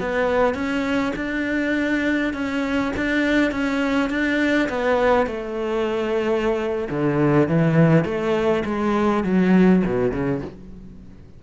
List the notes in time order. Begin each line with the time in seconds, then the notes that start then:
0.00 B3
0.54 C#4
1.16 D4
2.34 C#4
2.97 D4
3.52 C#4
4.10 D4
4.69 B3
5.27 A3
6.91 D3
7.49 E3
8.05 A3
8.65 G#3
9.24 F#3
9.86 B2
10.12 C#3